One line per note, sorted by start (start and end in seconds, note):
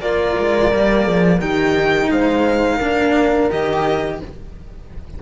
0.00 0.35 A#3
0.00 0.72 F4
0.00 1.03 A#4
0.00 1.40 D5
0.39 0.72 G#3
0.72 1.06 G3
0.72 1.40 A#3
1.03 1.41 F3
1.03 1.38 G#4
1.39 2.10 D#3
1.39 2.80 D#4
1.39 2.09 G4
1.39 2.09 G5
2.10 2.79 G#3
2.10 2.77 C5
2.10 3.50 F5
2.77 3.50 A#3
2.77 3.50 D4
2.77 4.16 A#4
3.50 4.22 D#3
3.50 4.19 G4
3.50 4.20 D#5